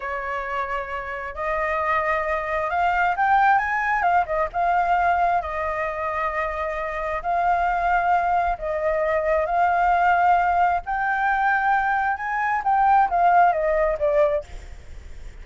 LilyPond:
\new Staff \with { instrumentName = "flute" } { \time 4/4 \tempo 4 = 133 cis''2. dis''4~ | dis''2 f''4 g''4 | gis''4 f''8 dis''8 f''2 | dis''1 |
f''2. dis''4~ | dis''4 f''2. | g''2. gis''4 | g''4 f''4 dis''4 d''4 | }